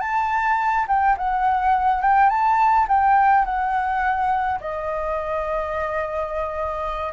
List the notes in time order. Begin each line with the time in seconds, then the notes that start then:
0.00 A5
0.88 G5
1.17 F#5
2.02 G5
2.29 A5
2.88 G5
3.45 F#5
4.60 D#5